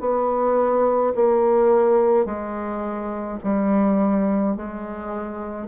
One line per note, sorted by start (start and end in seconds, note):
0.00 1.13 B3
1.15 2.25 A#3
2.25 3.39 G#3
3.43 4.56 G3
4.56 5.67 G#3